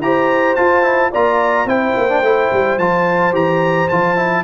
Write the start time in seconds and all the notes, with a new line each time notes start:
0.00 E4 G4 C5 A#5
0.55 F4 A5
0.83 E4
1.11 A#3 F4 D5 A#5
1.65 C4 E4 C5 G5
1.97 A#3
2.09 D4
2.22 A3 E4
2.53 G3
2.78 F3 F4 A5
3.32 E3 G4 A#5
3.89 F3 F4 A5
4.17 E4